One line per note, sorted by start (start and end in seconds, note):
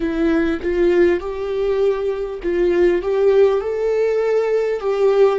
0.00 0.59 E4
0.62 1.20 F4
1.20 2.40 G4
2.42 3.02 F4
3.02 3.60 G4
3.60 4.80 A4
4.80 5.39 G4